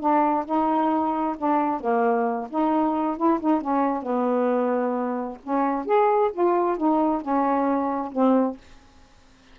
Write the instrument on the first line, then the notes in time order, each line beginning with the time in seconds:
saxophone
0.00 D4
0.46 D#4
1.38 D4
1.81 A#3
2.50 D#4
3.17 E4
3.40 D#4
3.61 C#4
4.03 B3
5.44 C#4
5.86 G#4
6.33 F4
6.78 D#4
7.22 C#4
8.12 C4